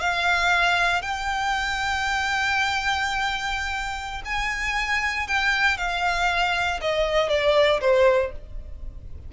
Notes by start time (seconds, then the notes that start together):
0.00 F5
1.02 G5
4.25 G#5
5.28 G5
5.77 F5
6.81 D#5
7.29 D5
7.81 C5